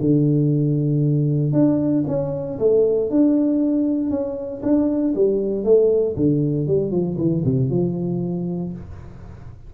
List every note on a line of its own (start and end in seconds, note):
0.00 1.52 D3
1.52 2.04 D4
2.07 2.58 C#4
2.59 3.10 A3
3.10 4.10 D4
4.10 4.61 C#4
4.62 5.14 D4
5.14 5.64 G3
5.64 6.15 A3
6.16 6.67 D3
6.67 6.91 G3
6.91 7.16 F3
7.17 7.43 E3
7.44 7.69 C3
7.69 8.72 F3